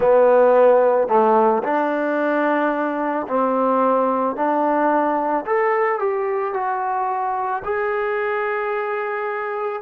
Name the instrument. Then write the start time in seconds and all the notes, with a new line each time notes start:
trombone
0.00 B3
1.08 A3
1.63 D4
3.27 C4
4.35 D4
5.45 A4
5.99 G4
6.53 F#4
7.64 G#4